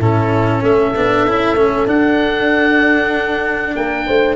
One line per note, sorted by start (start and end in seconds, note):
0.00 0.62 A2
0.00 0.95 C#4
0.00 0.63 E4
0.00 0.64 A4
0.62 0.94 A3
0.62 3.77 A4
0.62 1.89 E5
0.96 1.28 B3
0.96 1.27 D4
1.28 1.55 C#4
1.28 1.57 E4
1.55 1.86 A3
1.55 1.88 C#4
1.87 3.75 D4
1.87 4.36 D4
1.87 3.76 F#5
3.76 4.08 A#3
3.76 4.07 A#4
3.76 4.36 G5
4.07 4.36 A3
4.07 4.36 C5